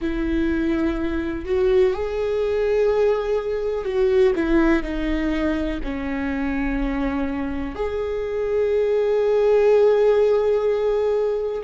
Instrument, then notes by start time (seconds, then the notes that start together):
viola
0.01 E4
1.45 F#4
1.94 G#4
3.84 F#4
4.35 E4
4.83 D#4
5.83 C#4
7.75 G#4